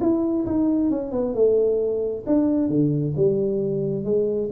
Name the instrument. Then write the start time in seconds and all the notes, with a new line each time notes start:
tuba
0.00 E4
0.46 D#4
0.90 C#4
1.11 B3
1.34 A3
2.26 D4
2.69 D3
3.16 G3
4.04 G#3